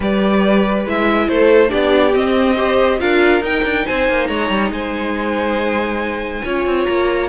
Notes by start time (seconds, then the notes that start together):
0.00 G3 G4 B4 D5
0.85 G#3 E4 E5
1.28 A3 A4 C5
1.68 B3 D4 G4 D5
2.13 C4 D#5
2.56 G4 C5
2.98 D4 F4 A#4 F5
3.41 D#4 G5
3.64 D4
3.86 C4 C5 G#5
4.08 A#3
4.27 G#3 C#5 A#5
4.49 G3
4.70 G#3 C5 G#5
6.44 C#4 F4 C#5
6.65 C4
6.85 A#3 A#5